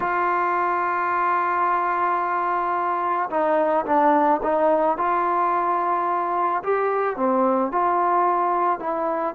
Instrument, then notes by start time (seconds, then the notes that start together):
trombone
0.00 F4
3.30 D#4
3.85 D4
4.43 D#4
4.97 F4
6.63 G4
7.16 C4
7.71 F4
8.79 E4